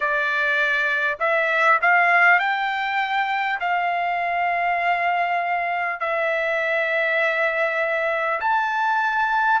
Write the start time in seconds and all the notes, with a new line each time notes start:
0.00 D5
1.19 E5
1.81 F5
2.39 G5
3.60 F5
6.00 E5
8.40 A5